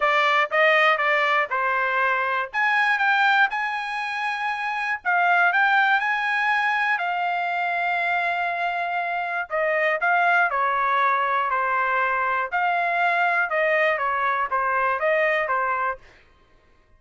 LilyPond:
\new Staff \with { instrumentName = "trumpet" } { \time 4/4 \tempo 4 = 120 d''4 dis''4 d''4 c''4~ | c''4 gis''4 g''4 gis''4~ | gis''2 f''4 g''4 | gis''2 f''2~ |
f''2. dis''4 | f''4 cis''2 c''4~ | c''4 f''2 dis''4 | cis''4 c''4 dis''4 c''4 | }